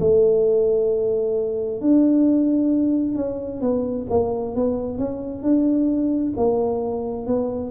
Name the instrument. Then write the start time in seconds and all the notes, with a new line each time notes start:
tuba
0.00 A3
1.81 D4
3.16 C#4
3.62 B3
4.10 A#3
4.56 B3
4.99 C#4
5.43 D4
6.37 A#3
7.27 B3